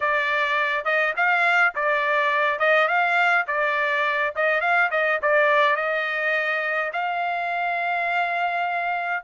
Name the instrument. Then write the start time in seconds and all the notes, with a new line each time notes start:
trumpet
0.00 D5
0.84 D#5
1.16 F5
1.75 D5
2.59 D#5
2.87 F5
3.47 D5
4.35 D#5
4.60 F5
4.90 D#5
5.22 D5
5.75 D#5
6.92 F5